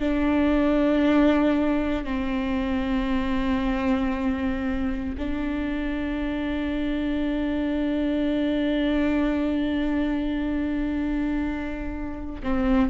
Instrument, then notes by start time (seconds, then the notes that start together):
viola
0.00 D4
2.05 C4
5.18 D4
12.43 C4